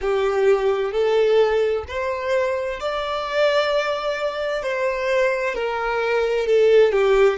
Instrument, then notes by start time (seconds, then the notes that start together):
violin
0.01 G4
0.92 A4
1.88 C5
2.79 D5
4.62 C5
5.54 A#4
6.46 A4
6.92 G4